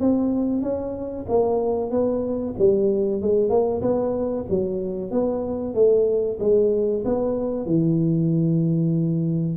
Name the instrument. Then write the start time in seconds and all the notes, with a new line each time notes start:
tuba
0.00 C4
0.62 C#4
1.29 A#3
1.91 B3
2.58 G3
3.22 G#3
3.50 A#3
3.82 B3
4.50 F#3
5.12 B3
5.75 A3
6.40 G#3
7.05 B3
7.66 E3